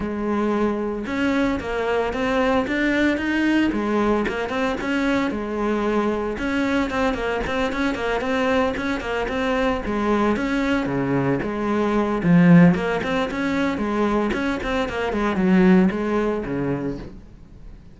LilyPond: \new Staff \with { instrumentName = "cello" } { \time 4/4 \tempo 4 = 113 gis2 cis'4 ais4 | c'4 d'4 dis'4 gis4 | ais8 c'8 cis'4 gis2 | cis'4 c'8 ais8 c'8 cis'8 ais8 c'8~ |
c'8 cis'8 ais8 c'4 gis4 cis'8~ | cis'8 cis4 gis4. f4 | ais8 c'8 cis'4 gis4 cis'8 c'8 | ais8 gis8 fis4 gis4 cis4 | }